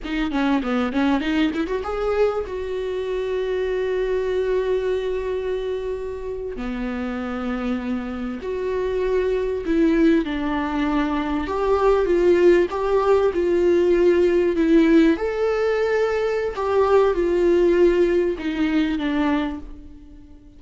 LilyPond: \new Staff \with { instrumentName = "viola" } { \time 4/4 \tempo 4 = 98 dis'8 cis'8 b8 cis'8 dis'8 e'16 fis'16 gis'4 | fis'1~ | fis'2~ fis'8. b4~ b16~ | b4.~ b16 fis'2 e'16~ |
e'8. d'2 g'4 f'16~ | f'8. g'4 f'2 e'16~ | e'8. a'2~ a'16 g'4 | f'2 dis'4 d'4 | }